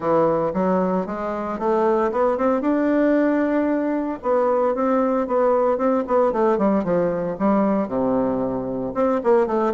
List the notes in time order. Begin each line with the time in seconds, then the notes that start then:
0.00 E3
0.53 F#3
1.06 G#3
1.58 A3
2.11 B3
2.37 C4
2.61 D4
4.22 B3
4.75 C4
5.27 B3
5.77 C4
6.07 B3
6.32 A3
6.58 G3
6.84 F3
7.39 G3
7.88 C3
8.94 C4
9.23 A#3
9.46 A3